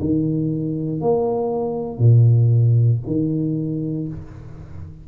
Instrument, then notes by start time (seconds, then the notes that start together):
tuba
0.00 D#3
1.00 A#3
1.98 A#2
3.06 D#3